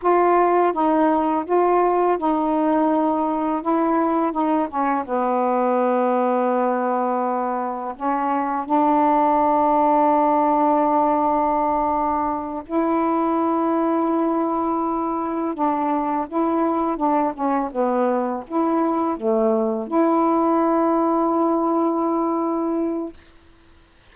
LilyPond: \new Staff \with { instrumentName = "saxophone" } { \time 4/4 \tempo 4 = 83 f'4 dis'4 f'4 dis'4~ | dis'4 e'4 dis'8 cis'8 b4~ | b2. cis'4 | d'1~ |
d'4. e'2~ e'8~ | e'4. d'4 e'4 d'8 | cis'8 b4 e'4 a4 e'8~ | e'1 | }